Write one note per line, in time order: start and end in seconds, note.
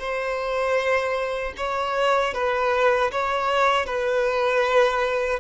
0.00 1.54 C5
1.57 2.34 C#5
2.34 3.11 B4
3.12 3.86 C#5
3.86 5.40 B4